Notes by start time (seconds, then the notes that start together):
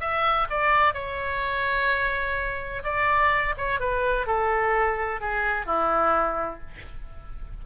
0.00 E5
0.49 D5
0.94 C#5
2.83 D5
3.57 C#5
3.80 B4
4.26 A4
5.20 G#4
5.65 E4